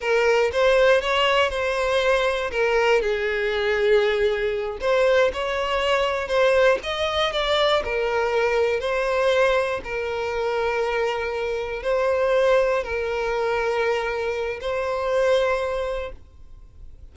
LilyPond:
\new Staff \with { instrumentName = "violin" } { \time 4/4 \tempo 4 = 119 ais'4 c''4 cis''4 c''4~ | c''4 ais'4 gis'2~ | gis'4. c''4 cis''4.~ | cis''8 c''4 dis''4 d''4 ais'8~ |
ais'4. c''2 ais'8~ | ais'2.~ ais'8 c''8~ | c''4. ais'2~ ais'8~ | ais'4 c''2. | }